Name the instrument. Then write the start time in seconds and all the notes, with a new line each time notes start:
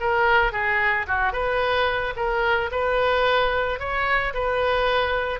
oboe
0.00 A#4
0.52 G#4
1.07 F#4
1.32 B4
2.16 A#4
2.71 B4
3.79 C#5
4.34 B4